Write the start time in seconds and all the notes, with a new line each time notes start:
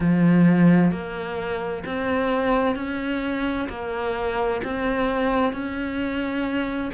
0.00 F3
0.91 A#3
1.85 C4
2.75 C#4
3.69 A#3
4.64 C4
5.52 C#4